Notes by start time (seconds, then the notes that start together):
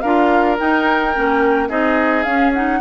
0.00 D4 F4 A#4 F5
0.58 D#4 G5
1.14 A#3 C#4
1.68 C4 D#4 G#4 D#5
2.23 C#4 F5
2.53 D#4 F#5